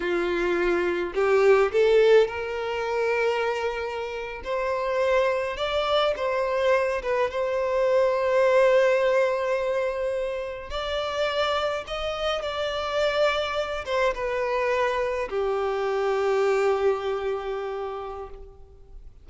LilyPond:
\new Staff \with { instrumentName = "violin" } { \time 4/4 \tempo 4 = 105 f'2 g'4 a'4 | ais'2.~ ais'8. c''16~ | c''4.~ c''16 d''4 c''4~ c''16~ | c''16 b'8 c''2.~ c''16~ |
c''2~ c''8. d''4~ d''16~ | d''8. dis''4 d''2~ d''16~ | d''16 c''8 b'2 g'4~ g'16~ | g'1 | }